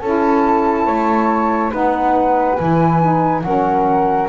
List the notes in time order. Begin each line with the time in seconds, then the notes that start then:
0.00 C#4 E4 A4 A5
0.86 A3 C#5
1.70 B3 D#4 B4 F#5
2.55 E3 E4 G#5
3.01 D#4
3.42 F#3 C#4 A#4 F#5